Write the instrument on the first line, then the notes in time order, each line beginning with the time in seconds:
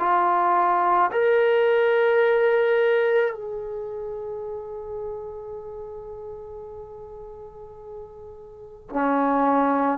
trombone
0.00 F4
1.12 A#4
3.34 G#4
8.90 C#4